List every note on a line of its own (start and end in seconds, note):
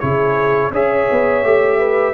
0.00 0.71 C#3
0.00 0.72 E4
0.00 0.72 G#4
0.00 0.71 C#5
0.71 1.07 C#4
0.71 1.44 G#4
0.71 1.79 C#5
0.71 2.14 E5
1.11 1.44 B3
1.44 2.14 A3
1.44 2.14 G4
1.79 2.14 B4